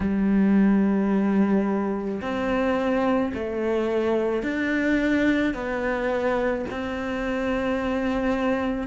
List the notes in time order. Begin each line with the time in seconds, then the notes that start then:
0.00 G3
2.21 C4
3.34 A3
4.42 D4
5.54 B3
6.70 C4